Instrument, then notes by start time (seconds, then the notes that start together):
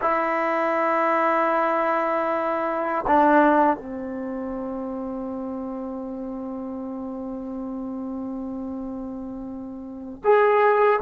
trombone
0.01 E4
3.07 D4
3.77 C4
10.23 G#4